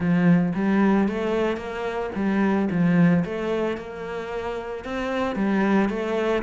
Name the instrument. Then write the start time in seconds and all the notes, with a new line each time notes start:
cello
0.00 F3
0.55 G3
1.08 A3
1.56 A#3
2.15 G3
2.70 F3
3.24 A3
3.77 A#3
4.84 C4
5.35 G3
5.89 A3